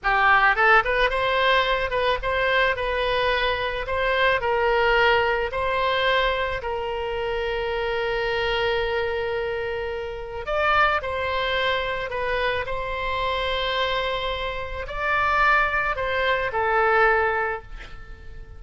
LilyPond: \new Staff \with { instrumentName = "oboe" } { \time 4/4 \tempo 4 = 109 g'4 a'8 b'8 c''4. b'8 | c''4 b'2 c''4 | ais'2 c''2 | ais'1~ |
ais'2. d''4 | c''2 b'4 c''4~ | c''2. d''4~ | d''4 c''4 a'2 | }